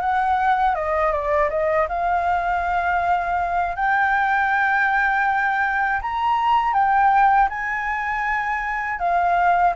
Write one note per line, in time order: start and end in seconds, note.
0.00 0.75 F#5
0.75 1.12 D#5
1.12 1.50 D5
1.50 1.88 D#5
1.89 3.76 F5
3.76 6.01 G5
6.01 6.73 A#5
6.73 7.48 G5
7.49 8.99 G#5
8.99 9.74 F5